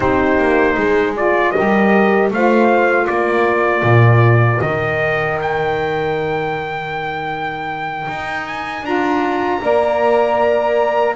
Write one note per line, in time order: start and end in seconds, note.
0.00 0.37 C4
0.00 1.15 D#4
0.00 0.77 G4
0.00 1.15 C5
0.37 0.76 A#3
0.77 1.54 G#3
0.77 1.54 G#4
1.16 1.54 F4
1.16 1.51 D5
1.51 2.31 G4
1.51 2.31 A#4
1.51 2.28 D#5
1.58 2.30 G3
2.30 3.07 A3
2.30 4.61 F4
2.30 3.06 C5
2.30 3.07 F5
3.06 3.82 A#3
3.06 9.60 A#4
3.06 4.60 D5
3.82 4.59 A#2
4.61 8.07 D#3
4.61 8.84 D#4
4.61 5.37 D#5
5.41 8.46 G5
8.07 8.82 D#4
8.46 8.85 G#5
8.82 9.59 D4
8.82 9.61 F4
8.82 11.16 A#5
9.61 11.16 A#3
9.61 11.15 A#4
9.61 11.16 D5